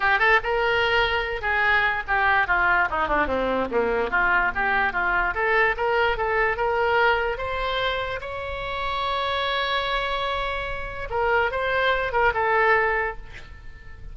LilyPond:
\new Staff \with { instrumentName = "oboe" } { \time 4/4 \tempo 4 = 146 g'8 a'8 ais'2~ ais'8 gis'8~ | gis'4 g'4 f'4 dis'8 d'8 | c'4 ais4 f'4 g'4 | f'4 a'4 ais'4 a'4 |
ais'2 c''2 | cis''1~ | cis''2. ais'4 | c''4. ais'8 a'2 | }